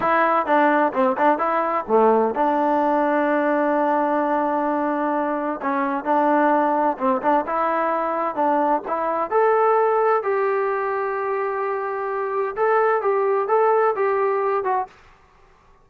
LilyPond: \new Staff \with { instrumentName = "trombone" } { \time 4/4 \tempo 4 = 129 e'4 d'4 c'8 d'8 e'4 | a4 d'2.~ | d'1 | cis'4 d'2 c'8 d'8 |
e'2 d'4 e'4 | a'2 g'2~ | g'2. a'4 | g'4 a'4 g'4. fis'8 | }